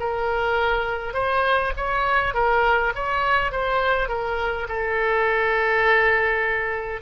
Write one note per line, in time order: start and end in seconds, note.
0.00 1.14 A#4
1.14 1.73 C5
1.77 2.34 C#5
2.34 2.93 A#4
2.95 3.52 C#5
3.52 4.09 C5
4.09 4.67 A#4
4.68 7.02 A4